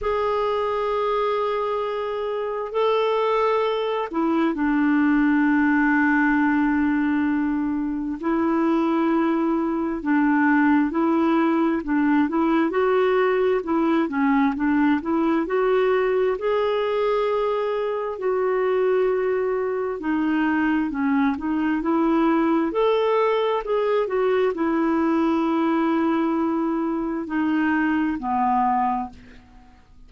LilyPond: \new Staff \with { instrumentName = "clarinet" } { \time 4/4 \tempo 4 = 66 gis'2. a'4~ | a'8 e'8 d'2.~ | d'4 e'2 d'4 | e'4 d'8 e'8 fis'4 e'8 cis'8 |
d'8 e'8 fis'4 gis'2 | fis'2 dis'4 cis'8 dis'8 | e'4 a'4 gis'8 fis'8 e'4~ | e'2 dis'4 b4 | }